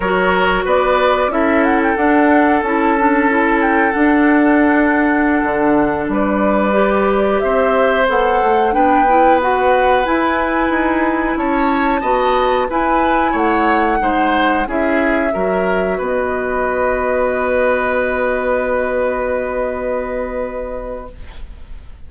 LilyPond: <<
  \new Staff \with { instrumentName = "flute" } { \time 4/4 \tempo 4 = 91 cis''4 d''4 e''8 fis''16 g''16 fis''4 | a''4. g''8 fis''2~ | fis''4~ fis''16 d''2 e''8.~ | e''16 fis''4 g''4 fis''4 gis''8.~ |
gis''4~ gis''16 a''2 gis''8.~ | gis''16 fis''2 e''4.~ e''16~ | e''16 dis''2.~ dis''8.~ | dis''1 | }
  \new Staff \with { instrumentName = "oboe" } { \time 4/4 ais'4 b'4 a'2~ | a'1~ | a'4~ a'16 b'2 c''8.~ | c''4~ c''16 b'2~ b'8.~ |
b'4~ b'16 cis''4 dis''4 b'8.~ | b'16 cis''4 c''4 gis'4 ais'8.~ | ais'16 b'2.~ b'8.~ | b'1 | }
  \new Staff \with { instrumentName = "clarinet" } { \time 4/4 fis'2 e'4 d'4 | e'8 d'8 e'4 d'2~ | d'2~ d'16 g'4.~ g'16~ | g'16 a'4 d'8 e'8 fis'4 e'8.~ |
e'2~ e'16 fis'4 e'8.~ | e'4~ e'16 dis'4 e'4 fis'8.~ | fis'1~ | fis'1 | }
  \new Staff \with { instrumentName = "bassoon" } { \time 4/4 fis4 b4 cis'4 d'4 | cis'2 d'2~ | d'16 d4 g2 c'8.~ | c'16 b8 a8 b2 e'8.~ |
e'16 dis'4 cis'4 b4 e'8.~ | e'16 a4 gis4 cis'4 fis8.~ | fis16 b2.~ b8.~ | b1 | }
>>